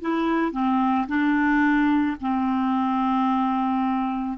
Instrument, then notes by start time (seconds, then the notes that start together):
clarinet
0.00 E4
0.52 C4
1.07 D4
2.20 C4